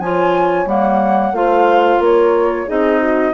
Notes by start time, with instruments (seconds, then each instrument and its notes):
0.00 bassoon F3, clarinet F4, horn C#5, flute G#5
0.66 bassoon G3, clarinet A#3, flute F#5
1.32 bassoon A3, clarinet F4, horn C5, flute F5
2.00 bassoon A#3, horn A#4, flute C#5
2.67 bassoon C4, clarinet D#4, horn G#4, flute D#5
3.01 horn F#4